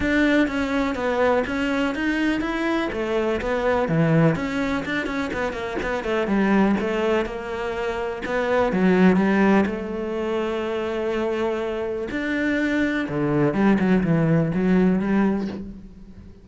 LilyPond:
\new Staff \with { instrumentName = "cello" } { \time 4/4 \tempo 4 = 124 d'4 cis'4 b4 cis'4 | dis'4 e'4 a4 b4 | e4 cis'4 d'8 cis'8 b8 ais8 | b8 a8 g4 a4 ais4~ |
ais4 b4 fis4 g4 | a1~ | a4 d'2 d4 | g8 fis8 e4 fis4 g4 | }